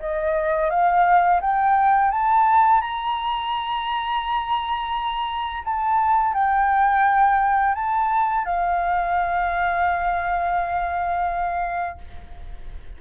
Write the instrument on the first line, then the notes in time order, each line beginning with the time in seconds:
flute
0.00 D#5
0.70 F5
1.41 G5
2.11 A5
2.82 A#5
5.65 A5
6.34 G5
7.76 A5
8.46 F5